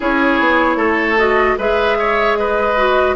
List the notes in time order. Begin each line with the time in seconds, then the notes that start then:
0.00 C#4 E4 G#4 C#5
0.39 B3
0.75 A3 A4
1.17 F#4 D#5
1.58 G#3 G#4 B4 E5
1.99 C#5
2.36 B4 D#5
2.76 F#4